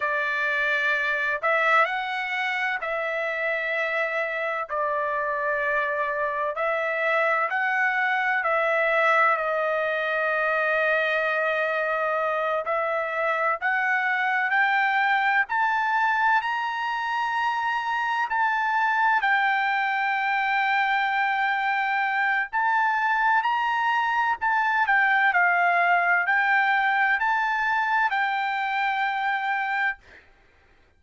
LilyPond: \new Staff \with { instrumentName = "trumpet" } { \time 4/4 \tempo 4 = 64 d''4. e''8 fis''4 e''4~ | e''4 d''2 e''4 | fis''4 e''4 dis''2~ | dis''4. e''4 fis''4 g''8~ |
g''8 a''4 ais''2 a''8~ | a''8 g''2.~ g''8 | a''4 ais''4 a''8 g''8 f''4 | g''4 a''4 g''2 | }